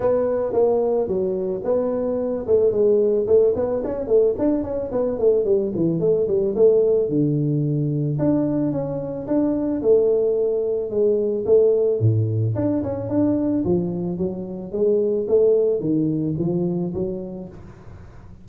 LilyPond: \new Staff \with { instrumentName = "tuba" } { \time 4/4 \tempo 4 = 110 b4 ais4 fis4 b4~ | b8 a8 gis4 a8 b8 cis'8 a8 | d'8 cis'8 b8 a8 g8 e8 a8 g8 | a4 d2 d'4 |
cis'4 d'4 a2 | gis4 a4 a,4 d'8 cis'8 | d'4 f4 fis4 gis4 | a4 dis4 f4 fis4 | }